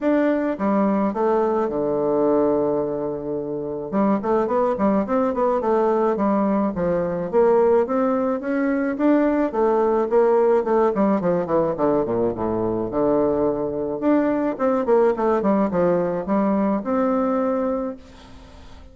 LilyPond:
\new Staff \with { instrumentName = "bassoon" } { \time 4/4 \tempo 4 = 107 d'4 g4 a4 d4~ | d2. g8 a8 | b8 g8 c'8 b8 a4 g4 | f4 ais4 c'4 cis'4 |
d'4 a4 ais4 a8 g8 | f8 e8 d8 ais,8 a,4 d4~ | d4 d'4 c'8 ais8 a8 g8 | f4 g4 c'2 | }